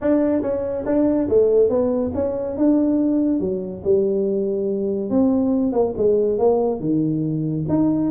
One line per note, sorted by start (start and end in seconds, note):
0.01 0.42 D4
0.42 0.84 C#4
0.85 1.28 D4
1.28 1.69 A3
1.69 2.11 B3
2.14 2.57 C#4
2.57 3.40 D4
3.40 3.82 F#3
3.84 5.09 G3
5.09 5.72 C4
5.72 5.93 A#3
5.97 6.38 G#3
6.38 6.79 A#3
6.79 7.65 D#3
7.68 8.10 D#4